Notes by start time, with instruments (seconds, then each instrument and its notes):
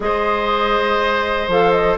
0.00 bassoon G#3, clarinet G#4, oboe C5, flute D#5
1.47 bassoon F3, clarinet A4, flute F5
1.71 flute D#5